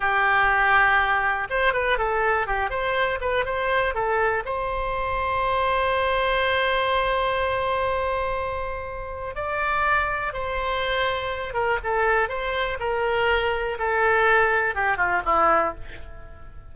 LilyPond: \new Staff \with { instrumentName = "oboe" } { \time 4/4 \tempo 4 = 122 g'2. c''8 b'8 | a'4 g'8 c''4 b'8 c''4 | a'4 c''2.~ | c''1~ |
c''2. d''4~ | d''4 c''2~ c''8 ais'8 | a'4 c''4 ais'2 | a'2 g'8 f'8 e'4 | }